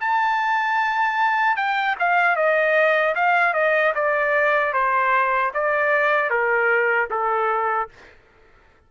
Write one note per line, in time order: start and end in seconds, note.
0.00 1.56 A5
1.56 1.96 G5
1.99 2.36 F5
2.36 3.15 D#5
3.15 3.54 F5
3.54 3.93 D#5
3.95 4.73 D5
4.73 5.52 C5
5.54 6.30 D5
6.30 7.09 A#4
7.10 7.89 A4